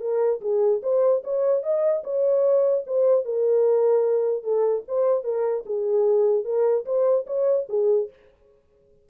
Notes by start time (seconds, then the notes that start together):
0.00 A#4
0.41 G#4
0.82 C5
1.24 C#5
1.63 D#5
2.04 C#5
2.86 C5
3.25 A#4
4.43 A4
4.87 C5
5.24 A#4
5.66 G#4
6.44 A#4
6.85 C5
7.26 C#5
7.69 G#4